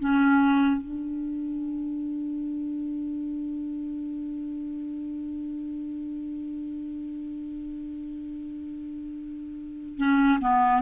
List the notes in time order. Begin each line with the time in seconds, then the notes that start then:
0.00 C#4
0.82 D4
9.98 C#4
10.41 B3